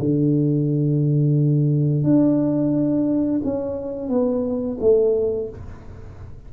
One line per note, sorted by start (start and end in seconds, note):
0.00 2.04 D3
2.04 3.42 D4
3.45 4.09 C#4
4.09 4.78 B3
4.81 5.50 A3